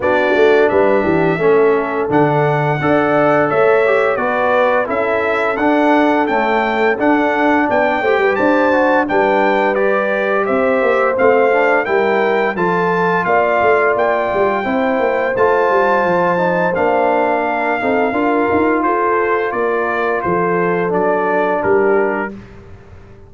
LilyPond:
<<
  \new Staff \with { instrumentName = "trumpet" } { \time 4/4 \tempo 4 = 86 d''4 e''2 fis''4~ | fis''4 e''4 d''4 e''4 | fis''4 g''4 fis''4 g''4 | a''4 g''4 d''4 e''4 |
f''4 g''4 a''4 f''4 | g''2 a''2 | f''2. c''4 | d''4 c''4 d''4 ais'4 | }
  \new Staff \with { instrumentName = "horn" } { \time 4/4 fis'4 b'8 g'8 a'2 | d''4 cis''4 b'4 a'4~ | a'2. d''8 c''16 b'16 | c''4 b'2 c''4~ |
c''4 ais'4 a'4 d''4~ | d''4 c''2.~ | c''4 ais'8 a'8 ais'4 a'4 | ais'4 a'2 g'4 | }
  \new Staff \with { instrumentName = "trombone" } { \time 4/4 d'2 cis'4 d'4 | a'4. g'8 fis'4 e'4 | d'4 a4 d'4. g'8~ | g'8 fis'8 d'4 g'2 |
c'8 d'8 e'4 f'2~ | f'4 e'4 f'4. dis'8 | d'4. dis'8 f'2~ | f'2 d'2 | }
  \new Staff \with { instrumentName = "tuba" } { \time 4/4 b8 a8 g8 e8 a4 d4 | d'4 a4 b4 cis'4 | d'4 cis'4 d'4 b8 a16 g16 | d'4 g2 c'8 ais8 |
a4 g4 f4 ais8 a8 | ais8 g8 c'8 ais8 a8 g8 f4 | ais4. c'8 d'8 dis'8 f'4 | ais4 f4 fis4 g4 | }
>>